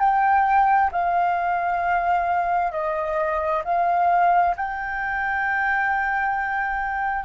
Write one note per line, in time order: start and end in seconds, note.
0.00 0.91 G5
0.92 2.72 F5
2.72 3.63 D#5
3.65 4.56 F5
4.57 7.25 G5